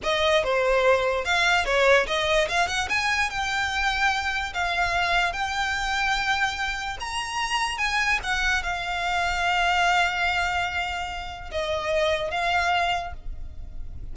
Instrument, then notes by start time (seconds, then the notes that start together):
violin
0.03 D#5
0.43 C5
1.24 F5
1.65 C#5
2.07 D#5
2.48 F5
2.67 F#5
2.89 G#5
3.30 G5
4.53 F5
5.32 G5
7.00 A#5
7.78 G#5
8.23 F#5
8.62 F5
11.51 D#5
12.30 F5